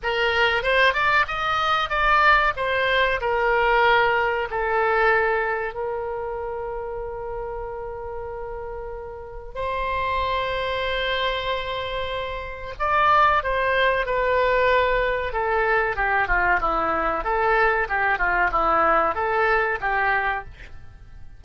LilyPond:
\new Staff \with { instrumentName = "oboe" } { \time 4/4 \tempo 4 = 94 ais'4 c''8 d''8 dis''4 d''4 | c''4 ais'2 a'4~ | a'4 ais'2.~ | ais'2. c''4~ |
c''1 | d''4 c''4 b'2 | a'4 g'8 f'8 e'4 a'4 | g'8 f'8 e'4 a'4 g'4 | }